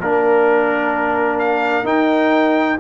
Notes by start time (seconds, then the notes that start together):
0.00 A#3 D4 A#4
1.39 F5
1.83 D#4 G5